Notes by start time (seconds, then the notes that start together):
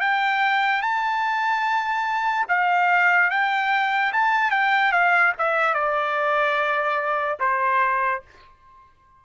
0.00 G5
0.82 A5
2.48 F5
3.30 G5
4.13 A5
4.51 G5
4.92 F5
5.38 E5
5.73 D5
7.39 C5